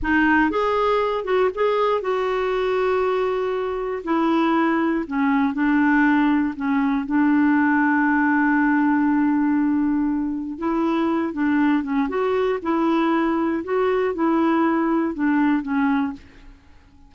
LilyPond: \new Staff \with { instrumentName = "clarinet" } { \time 4/4 \tempo 4 = 119 dis'4 gis'4. fis'8 gis'4 | fis'1 | e'2 cis'4 d'4~ | d'4 cis'4 d'2~ |
d'1~ | d'4 e'4. d'4 cis'8 | fis'4 e'2 fis'4 | e'2 d'4 cis'4 | }